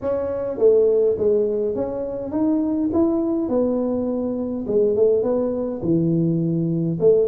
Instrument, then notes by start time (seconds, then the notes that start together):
tuba
0.01 C#4
0.57 A3
1.18 G#3
1.75 C#4
2.31 D#4
2.93 E4
3.48 B3
4.67 G#3
4.96 A3
5.23 B3
5.81 E3
7.00 A3